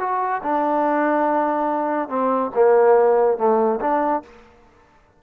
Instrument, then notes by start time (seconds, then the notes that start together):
trombone
0.00 F#4
0.43 D4
2.09 C4
2.55 A#3
3.38 A3
3.81 D4